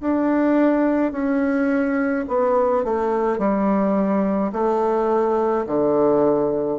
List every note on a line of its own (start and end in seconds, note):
0.00 1.12 D4
1.12 2.25 C#4
2.28 2.84 B3
2.84 3.38 A3
3.38 4.51 G3
4.52 5.65 A3
5.66 6.79 D3